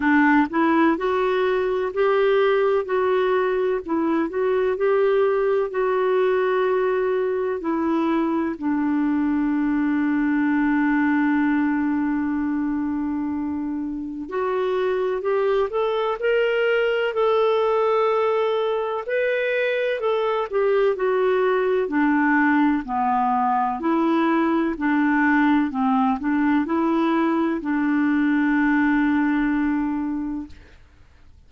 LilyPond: \new Staff \with { instrumentName = "clarinet" } { \time 4/4 \tempo 4 = 63 d'8 e'8 fis'4 g'4 fis'4 | e'8 fis'8 g'4 fis'2 | e'4 d'2.~ | d'2. fis'4 |
g'8 a'8 ais'4 a'2 | b'4 a'8 g'8 fis'4 d'4 | b4 e'4 d'4 c'8 d'8 | e'4 d'2. | }